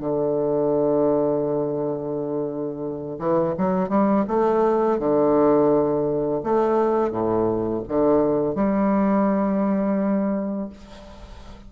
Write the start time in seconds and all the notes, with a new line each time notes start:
0.00 D3
3.19 E3
3.58 F#3
3.89 G3
4.28 A3
4.99 D3
6.44 A3
7.11 A2
7.89 D3
8.55 G3